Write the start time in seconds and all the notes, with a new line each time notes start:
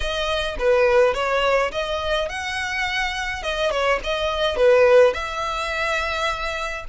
0.00 D#5
0.58 B4
1.14 C#5
1.71 D#5
2.29 F#5
3.42 D#5
3.70 C#5
4.03 D#5
4.56 B4
5.13 E5